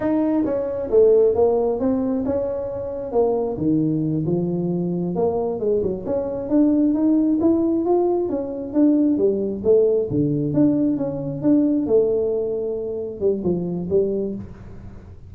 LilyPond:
\new Staff \with { instrumentName = "tuba" } { \time 4/4 \tempo 4 = 134 dis'4 cis'4 a4 ais4 | c'4 cis'2 ais4 | dis4. f2 ais8~ | ais8 gis8 fis8 cis'4 d'4 dis'8~ |
dis'8 e'4 f'4 cis'4 d'8~ | d'8 g4 a4 d4 d'8~ | d'8 cis'4 d'4 a4.~ | a4. g8 f4 g4 | }